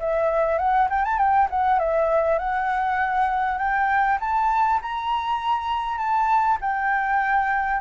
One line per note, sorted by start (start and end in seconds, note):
0.00 0.58 E5
0.58 0.88 F#5
0.90 1.05 G5
1.05 1.18 A5
1.18 1.48 G5
1.50 1.79 F#5
1.79 2.39 E5
2.39 3.58 F#5
3.58 4.18 G5
4.21 4.81 A5
4.82 5.98 A#5
5.98 6.58 A5
6.61 7.81 G5